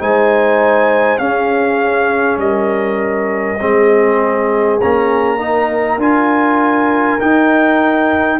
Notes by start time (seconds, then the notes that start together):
0.00 G#3 D#4 C5 G#5
1.19 C#4 G#4 F5
2.38 G3 A#4 D#5
3.61 G#3 C4 G#4
4.81 A#3 C#4 A#5
5.38 D#4 A#4
5.98 D4 F4 G#5
7.20 D#4 G5